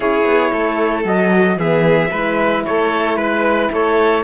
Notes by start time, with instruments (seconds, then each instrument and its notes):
0.00 cello C#4, horn E4, violin G#4, trumpet C#5
0.24 cello B3
0.51 cello A3, violin A4
1.04 cello F#3, horn F#4, trumpet D#5
1.56 cello E3, horn B3, violin G#4, trumpet E5
2.11 cello G#3, horn E4, violin B4
2.65 cello A3, violin A4, trumpet C#5
3.16 cello G#3, trumpet B4, violin B4
3.71 cello A3, violin A4, trumpet C#5